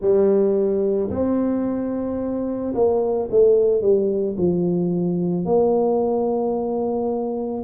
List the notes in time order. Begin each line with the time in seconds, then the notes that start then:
0.00 G3
1.10 C4
2.74 A#3
3.30 A3
3.81 G3
4.37 F3
5.45 A#3